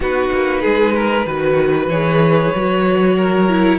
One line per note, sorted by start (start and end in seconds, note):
0.00 0.30 B3
0.00 1.26 D#4
0.00 0.61 F#4
0.00 1.89 B4
0.32 0.64 A#3
0.61 1.25 G#3
0.61 0.92 G#4
0.95 1.26 A#4
1.25 1.86 D#3
1.25 1.90 F#4
1.25 3.16 B4
1.86 2.49 E3
1.86 2.54 G#4
1.86 3.78 C#5
2.55 3.78 F#3
2.55 3.49 F#4
3.16 3.78 A#4
3.49 3.78 E4